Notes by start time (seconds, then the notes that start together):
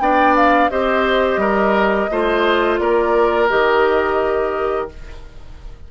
0.00 B3 D4 D5 G5
0.36 F5
0.70 C4 G4 C5 D#5
1.37 G3 A#4
2.11 A3 F4 C5
2.79 A#3 A#4 D5
3.49 D#3 G4 D#5